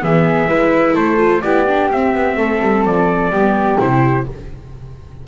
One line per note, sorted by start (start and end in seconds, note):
0.00 0.48 E3
0.00 0.47 B3
0.00 0.48 G#4
0.00 0.96 E5
0.48 0.95 G#3
0.48 1.17 E4
0.48 0.94 B4
0.94 1.42 A3
0.94 1.41 A4
0.94 1.42 C5
1.17 1.41 F4
1.42 1.91 B3
1.42 1.67 E4
1.42 2.37 G4
1.42 1.89 D5
1.67 1.91 D4
1.92 2.14 C4
1.92 3.32 C4
1.92 2.86 E5
2.14 2.36 B3
2.36 2.60 A3
2.36 3.31 A4
2.61 2.85 G3
2.85 3.30 F3
2.85 3.80 D5
3.30 3.77 G3
3.30 3.79 B3
3.30 4.26 G4
3.79 4.27 C3
3.79 4.26 E4
3.79 4.27 C5